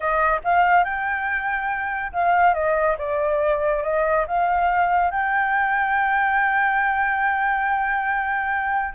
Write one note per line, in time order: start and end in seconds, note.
0.00 0.40 D#5
0.44 0.84 F5
0.84 2.12 G5
2.12 2.54 F5
2.54 2.96 D#5
2.98 3.83 D5
3.83 4.25 D#5
4.27 5.11 F5
5.11 8.94 G5